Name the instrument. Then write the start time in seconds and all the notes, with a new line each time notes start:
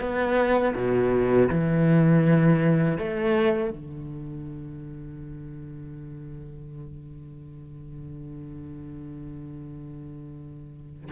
cello
0.00 B3
0.75 B2
1.50 E3
2.98 A3
3.70 D3